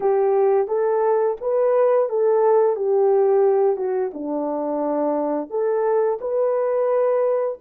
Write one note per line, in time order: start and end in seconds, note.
0.00 0.67 G4
0.67 1.36 A4
1.40 2.09 B4
2.09 2.76 A4
2.76 3.76 G4
3.76 4.11 F#4
4.13 5.50 D4
5.50 6.18 A4
6.20 7.58 B4